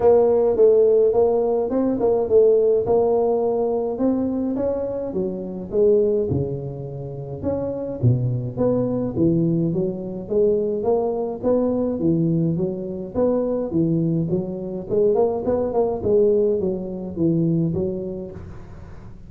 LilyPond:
\new Staff \with { instrumentName = "tuba" } { \time 4/4 \tempo 4 = 105 ais4 a4 ais4 c'8 ais8 | a4 ais2 c'4 | cis'4 fis4 gis4 cis4~ | cis4 cis'4 b,4 b4 |
e4 fis4 gis4 ais4 | b4 e4 fis4 b4 | e4 fis4 gis8 ais8 b8 ais8 | gis4 fis4 e4 fis4 | }